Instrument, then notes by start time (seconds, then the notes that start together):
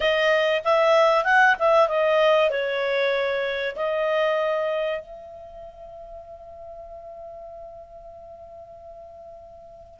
clarinet
0.00 D#5
0.64 E5
1.24 F#5
1.59 E5
1.88 D#5
2.50 C#5
3.76 D#5
5.01 E5